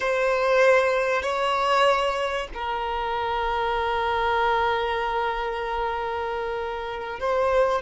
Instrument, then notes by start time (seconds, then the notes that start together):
violin
0.00 C5
1.22 C#5
2.54 A#4
7.19 C5